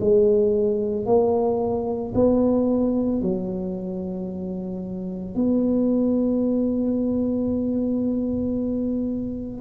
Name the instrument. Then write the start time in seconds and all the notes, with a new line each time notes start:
tuba
0.00 G#3
1.06 A#3
2.14 B3
3.21 F#3
5.35 B3